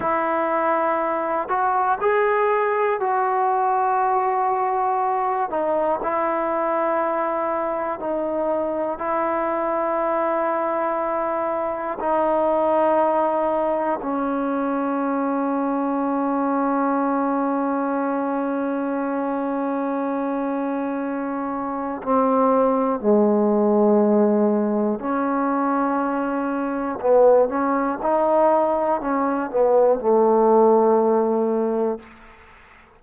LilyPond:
\new Staff \with { instrumentName = "trombone" } { \time 4/4 \tempo 4 = 60 e'4. fis'8 gis'4 fis'4~ | fis'4. dis'8 e'2 | dis'4 e'2. | dis'2 cis'2~ |
cis'1~ | cis'2 c'4 gis4~ | gis4 cis'2 b8 cis'8 | dis'4 cis'8 b8 a2 | }